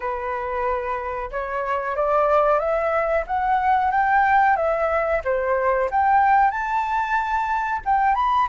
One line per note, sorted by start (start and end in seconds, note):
0.00 1.30 B4
1.31 1.96 C#5
1.96 2.59 D5
2.59 3.24 E5
3.26 3.91 F#5
3.91 4.56 G5
4.56 5.21 E5
5.24 5.89 C5
5.90 6.50 G5
6.50 7.81 A5
7.85 8.14 G5
8.14 8.47 B5